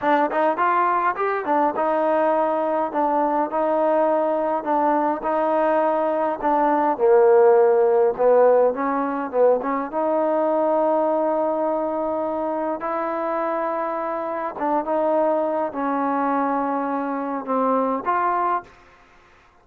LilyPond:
\new Staff \with { instrumentName = "trombone" } { \time 4/4 \tempo 4 = 103 d'8 dis'8 f'4 g'8 d'8 dis'4~ | dis'4 d'4 dis'2 | d'4 dis'2 d'4 | ais2 b4 cis'4 |
b8 cis'8 dis'2.~ | dis'2 e'2~ | e'4 d'8 dis'4. cis'4~ | cis'2 c'4 f'4 | }